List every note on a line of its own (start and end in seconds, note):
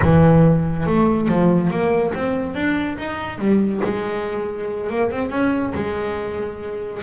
0.02 0.86 E3
0.86 1.28 A3
1.28 1.70 F3
1.70 2.13 A#3
2.14 2.54 C4
2.54 2.97 D4
2.98 3.38 D#4
3.38 3.80 G3
3.83 4.90 G#3
4.90 5.11 A#3
5.11 5.30 C4
5.30 5.72 C#4
5.74 7.02 G#3